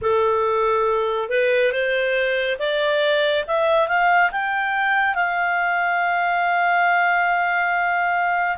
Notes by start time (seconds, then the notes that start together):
0.01 A4
1.29 B4
1.71 C5
2.59 D5
3.47 E5
3.88 F5
4.31 G5
5.14 F5